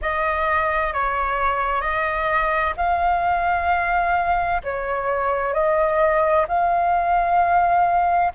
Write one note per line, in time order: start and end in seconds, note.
0.01 0.93 D#5
0.93 1.81 C#5
1.81 2.73 D#5
2.77 4.61 F5
4.63 5.53 C#5
5.53 6.46 D#5
6.48 8.32 F5